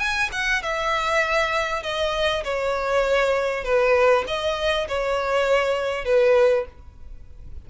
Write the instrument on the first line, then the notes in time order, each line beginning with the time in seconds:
violin
0.00 G#5
0.33 F#5
0.63 E5
1.83 D#5
2.45 C#5
3.64 B4
4.28 D#5
4.88 C#5
6.05 B4